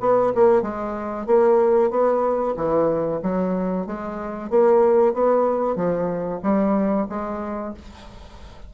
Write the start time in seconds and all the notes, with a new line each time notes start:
0.00 B3
0.35 A#3
0.62 G#3
1.26 A#3
1.90 B3
2.56 E3
3.22 F#3
3.86 G#3
4.50 A#3
5.13 B3
5.76 F3
6.43 G3
7.09 G#3